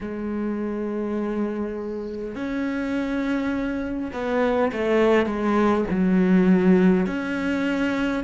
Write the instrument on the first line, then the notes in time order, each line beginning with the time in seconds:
cello
0.01 G#3
2.35 C#4
4.12 B3
4.72 A3
5.26 G#3
5.90 F#3
7.06 C#4